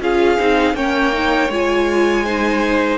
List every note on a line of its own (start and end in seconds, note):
0.00 0.38 C#4
0.00 0.38 F4
0.00 0.76 G#4
0.00 0.76 F5
0.38 0.74 C4
0.38 0.75 D#4
0.74 1.49 A#3
0.74 1.12 C#4
0.74 2.25 C#5
0.74 1.51 G5
1.12 1.50 D#4
1.49 2.98 G#3
1.49 2.26 F4
1.49 2.98 G#5
2.25 2.98 D#4
2.25 2.98 C5